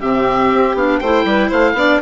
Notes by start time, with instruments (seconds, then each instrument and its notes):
0.00 bassoon C3, clarinet C4, violin G4, oboe E5
0.52 bassoon C4
0.74 bassoon B3, clarinet D4, oboe F5
1.00 bassoon A3, clarinet E4, violin C5, oboe G5
1.25 bassoon G3, violin B4
1.49 bassoon A3, violin C5, oboe F5
1.74 bassoon B3, clarinet D4, violin D5